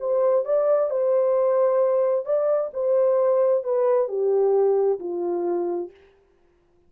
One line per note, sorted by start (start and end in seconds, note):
0.00 0.45 C5
0.45 0.90 D5
0.90 2.25 C5
2.25 2.71 D5
2.74 3.64 C5
3.64 4.08 B4
4.08 4.99 G4
5.00 5.90 F4